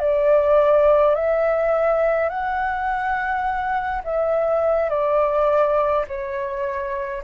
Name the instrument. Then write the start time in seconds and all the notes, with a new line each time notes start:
flute
0.00 D5
1.15 E5
2.29 F#5
4.04 E5
4.90 D5
6.08 C#5